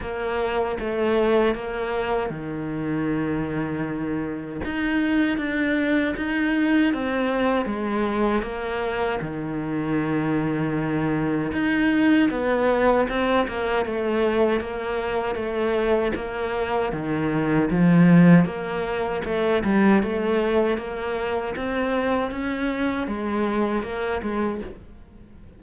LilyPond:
\new Staff \with { instrumentName = "cello" } { \time 4/4 \tempo 4 = 78 ais4 a4 ais4 dis4~ | dis2 dis'4 d'4 | dis'4 c'4 gis4 ais4 | dis2. dis'4 |
b4 c'8 ais8 a4 ais4 | a4 ais4 dis4 f4 | ais4 a8 g8 a4 ais4 | c'4 cis'4 gis4 ais8 gis8 | }